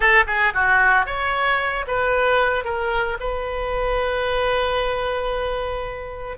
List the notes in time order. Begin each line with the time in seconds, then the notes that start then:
0.00 A4
0.26 G#4
0.53 F#4
1.06 C#5
1.87 B4
2.64 A#4
3.20 B4